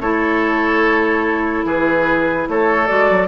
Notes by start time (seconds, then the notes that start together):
0.00 A3 E4 A4 C#5
1.65 E3 G#4 B4
2.48 A3 A4 C#5
2.86 G#3 F#4 D5
3.10 F#3